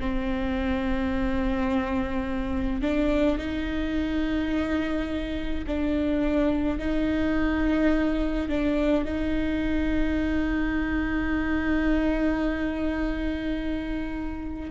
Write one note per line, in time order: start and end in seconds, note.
0.00 2.82 C4
2.82 3.39 D4
3.39 5.65 D#4
5.67 6.79 D4
6.79 8.49 D#4
8.49 9.05 D4
9.05 14.71 D#4